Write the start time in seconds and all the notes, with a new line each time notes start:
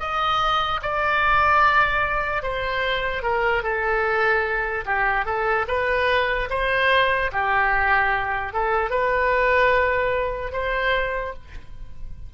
0.00 D#5
0.83 D5
2.43 C5
3.23 A#4
3.63 A4
4.86 G4
5.26 A4
5.68 B4
6.50 C5
7.33 G4
8.53 A4
8.91 B4
10.53 C5